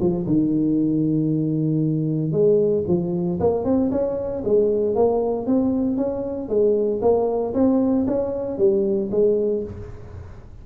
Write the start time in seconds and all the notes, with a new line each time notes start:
0.00 F3
0.27 D#3
2.32 G#3
2.87 F3
3.40 A#3
3.65 C4
3.91 C#4
4.45 G#3
4.95 A#3
5.47 C4
5.97 C#4
6.49 G#3
7.02 A#3
7.54 C4
8.07 C#4
8.58 G3
9.11 G#3